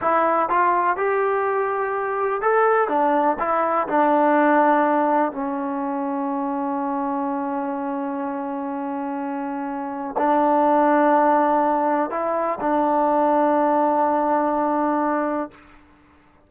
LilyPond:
\new Staff \with { instrumentName = "trombone" } { \time 4/4 \tempo 4 = 124 e'4 f'4 g'2~ | g'4 a'4 d'4 e'4 | d'2. cis'4~ | cis'1~ |
cis'1~ | cis'4 d'2.~ | d'4 e'4 d'2~ | d'1 | }